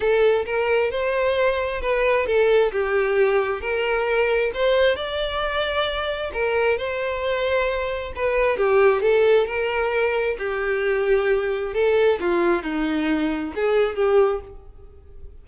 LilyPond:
\new Staff \with { instrumentName = "violin" } { \time 4/4 \tempo 4 = 133 a'4 ais'4 c''2 | b'4 a'4 g'2 | ais'2 c''4 d''4~ | d''2 ais'4 c''4~ |
c''2 b'4 g'4 | a'4 ais'2 g'4~ | g'2 a'4 f'4 | dis'2 gis'4 g'4 | }